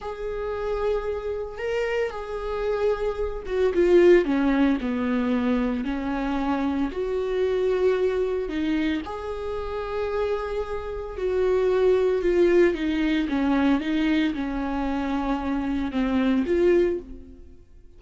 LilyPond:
\new Staff \with { instrumentName = "viola" } { \time 4/4 \tempo 4 = 113 gis'2. ais'4 | gis'2~ gis'8 fis'8 f'4 | cis'4 b2 cis'4~ | cis'4 fis'2. |
dis'4 gis'2.~ | gis'4 fis'2 f'4 | dis'4 cis'4 dis'4 cis'4~ | cis'2 c'4 f'4 | }